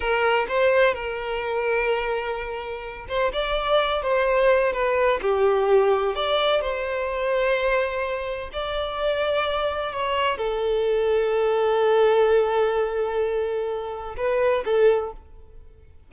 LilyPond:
\new Staff \with { instrumentName = "violin" } { \time 4/4 \tempo 4 = 127 ais'4 c''4 ais'2~ | ais'2~ ais'8 c''8 d''4~ | d''8 c''4. b'4 g'4~ | g'4 d''4 c''2~ |
c''2 d''2~ | d''4 cis''4 a'2~ | a'1~ | a'2 b'4 a'4 | }